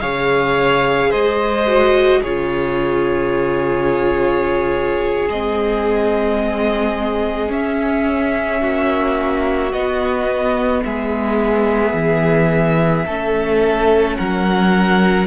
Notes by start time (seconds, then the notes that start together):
0.00 C#3 G#4 C#5 F5
1.09 G#3 C5 D#5
1.67 F#4
2.22 C#3 F4 G#4 C#5
5.28 G#3 C4 D#5
7.47 C#4 E5
8.60 A#3 F#4
9.72 B3 D#5
10.84 G#3 G#4 E5
11.93 E3
13.06 A3 C#4 A4
14.16 F#3 A#4 F#5